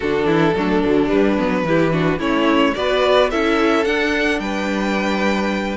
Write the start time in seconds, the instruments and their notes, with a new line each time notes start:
0.00 cello D3, viola D4, violin F#4 A4
0.25 cello E3, violin E4
0.55 cello F#3, viola A3, violin D4
0.85 cello D3, viola F#3
1.06 viola G3, cello G3, violin B4
1.38 cello F#3, viola B3
1.63 cello E3, viola E4, violin G4
1.91 viola D4, violin F#4
2.18 cello A3, viola C#4, violin E4 C#5
2.74 cello B3, viola F#4, violin B4 D5
3.30 cello C#4, viola E4, violin A4 E5
3.84 viola D4, cello D4, violin F#5
4.39 cello G3, violin B4 G5